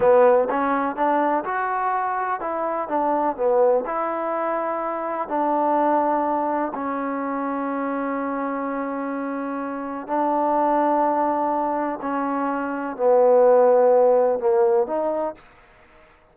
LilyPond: \new Staff \with { instrumentName = "trombone" } { \time 4/4 \tempo 4 = 125 b4 cis'4 d'4 fis'4~ | fis'4 e'4 d'4 b4 | e'2. d'4~ | d'2 cis'2~ |
cis'1~ | cis'4 d'2.~ | d'4 cis'2 b4~ | b2 ais4 dis'4 | }